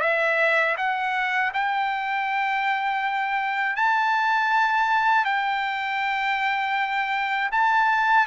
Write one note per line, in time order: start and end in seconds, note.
0.00 0.75 E5
0.77 1.52 F#5
1.53 3.76 G5
3.76 5.24 A5
5.24 7.49 G5
7.51 8.26 A5